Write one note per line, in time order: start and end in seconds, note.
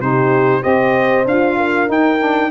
0.00 0.62 C3
0.00 0.62 D#4
0.00 0.62 G4
0.00 0.63 C5
0.62 1.25 C4
0.62 1.24 G4
0.62 1.56 C5
0.62 1.26 D#5
1.25 1.88 D4
1.25 1.86 F4
1.25 1.90 F5
1.57 2.51 A#4
1.86 2.18 D#4
1.86 2.51 D#4
1.86 2.51 G5
2.18 2.49 D4